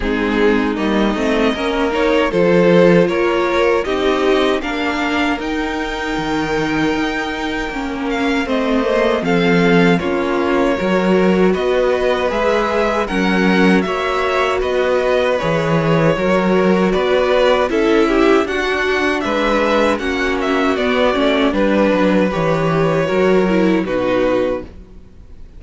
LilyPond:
<<
  \new Staff \with { instrumentName = "violin" } { \time 4/4 \tempo 4 = 78 gis'4 dis''4. cis''8 c''4 | cis''4 dis''4 f''4 g''4~ | g''2~ g''8 f''8 dis''4 | f''4 cis''2 dis''4 |
e''4 fis''4 e''4 dis''4 | cis''2 d''4 e''4 | fis''4 e''4 fis''8 e''8 d''4 | b'4 cis''2 b'4 | }
  \new Staff \with { instrumentName = "violin" } { \time 4/4 dis'2 ais'4 a'4 | ais'4 g'4 ais'2~ | ais'2. c''4 | a'4 f'4 ais'4 b'4~ |
b'4 ais'4 cis''4 b'4~ | b'4 ais'4 b'4 a'8 g'8 | fis'4 b'4 fis'2 | b'2 ais'4 fis'4 | }
  \new Staff \with { instrumentName = "viola" } { \time 4/4 c'4 ais8 c'8 cis'8 dis'8 f'4~ | f'4 dis'4 d'4 dis'4~ | dis'2 cis'4 c'8 ais8 | c'4 cis'4 fis'2 |
gis'4 cis'4 fis'2 | gis'4 fis'2 e'4 | d'2 cis'4 b8 cis'8 | d'4 g'4 fis'8 e'8 dis'4 | }
  \new Staff \with { instrumentName = "cello" } { \time 4/4 gis4 g8 a8 ais4 f4 | ais4 c'4 ais4 dis'4 | dis4 dis'4 ais4 a4 | f4 ais4 fis4 b4 |
gis4 fis4 ais4 b4 | e4 fis4 b4 cis'4 | d'4 gis4 ais4 b8 a8 | g8 fis8 e4 fis4 b,4 | }
>>